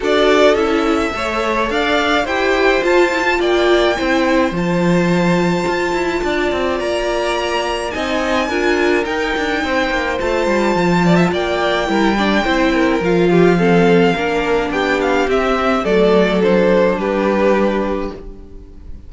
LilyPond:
<<
  \new Staff \with { instrumentName = "violin" } { \time 4/4 \tempo 4 = 106 d''4 e''2 f''4 | g''4 a''4 g''2 | a''1 | ais''2 gis''2 |
g''2 a''2 | g''2. f''4~ | f''2 g''8 f''8 e''4 | d''4 c''4 b'2 | }
  \new Staff \with { instrumentName = "violin" } { \time 4/4 a'2 cis''4 d''4 | c''2 d''4 c''4~ | c''2. d''4~ | d''2 dis''4 ais'4~ |
ais'4 c''2~ c''8 d''16 e''16 | d''4 ais'8 d''8 c''8 ais'4 g'8 | a'4 ais'4 g'2 | a'2 g'2 | }
  \new Staff \with { instrumentName = "viola" } { \time 4/4 fis'4 e'4 a'2 | g'4 f'8 e'16 f'4~ f'16 e'4 | f'1~ | f'2 dis'4 f'4 |
dis'2 f'2~ | f'4 e'8 d'8 e'4 f'4 | c'4 d'2 c'4 | a4 d'2. | }
  \new Staff \with { instrumentName = "cello" } { \time 4/4 d'4 cis'4 a4 d'4 | e'4 f'4 ais4 c'4 | f2 f'8 e'8 d'8 c'8 | ais2 c'4 d'4 |
dis'8 d'8 c'8 ais8 a8 g8 f4 | ais4 g4 c'4 f4~ | f4 ais4 b4 c'4 | fis2 g2 | }
>>